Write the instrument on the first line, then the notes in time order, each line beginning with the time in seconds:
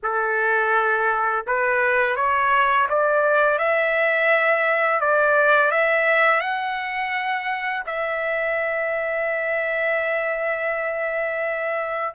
trumpet
0.02 A4
1.46 B4
2.16 C#5
2.89 D5
3.58 E5
5.00 D5
5.71 E5
6.40 F#5
7.86 E5